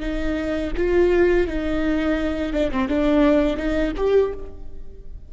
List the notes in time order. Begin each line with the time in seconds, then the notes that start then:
0.00 D#4
0.77 F4
1.47 D#4
2.53 D4
2.71 C4
2.88 D4
3.57 D#4
3.97 G4